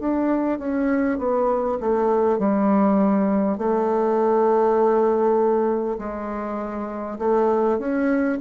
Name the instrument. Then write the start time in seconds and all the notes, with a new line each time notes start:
bassoon
0.00 D4
0.59 C#4
1.18 B3
1.80 A3
2.38 G3
3.58 A3
5.98 G#3
7.19 A3
7.79 C#4